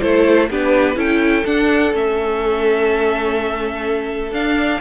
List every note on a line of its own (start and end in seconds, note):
0.00 0.49 A3
0.00 0.49 E4
0.00 0.49 A4
0.00 0.48 C5
0.49 0.95 B3
0.49 0.95 D4
0.49 0.96 G4
0.49 0.99 B4
0.95 1.43 C#4
0.95 1.43 E4
0.95 4.80 A4
0.95 1.45 G5
1.45 1.93 D4
1.45 1.93 F#5
1.93 4.31 A3
1.93 4.33 C#4
1.93 4.33 E5
4.31 4.79 D4
4.31 4.80 D4
4.31 4.80 F5